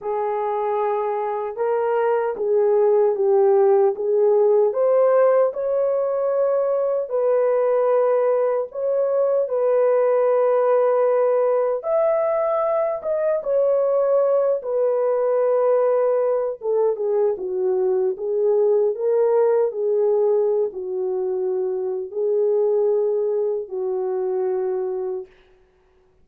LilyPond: \new Staff \with { instrumentName = "horn" } { \time 4/4 \tempo 4 = 76 gis'2 ais'4 gis'4 | g'4 gis'4 c''4 cis''4~ | cis''4 b'2 cis''4 | b'2. e''4~ |
e''8 dis''8 cis''4. b'4.~ | b'4 a'8 gis'8 fis'4 gis'4 | ais'4 gis'4~ gis'16 fis'4.~ fis'16 | gis'2 fis'2 | }